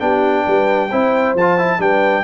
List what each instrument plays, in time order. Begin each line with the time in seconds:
0.00 tuba B3, trombone D4, horn G4, trumpet G5
0.48 tuba G3, horn B4
0.90 tuba C4, trombone E4, horn C5
1.35 tuba F3, trumpet A5
1.41 trombone F4
1.58 trombone E4
1.79 tuba G3, trombone D4, horn B4, trumpet G5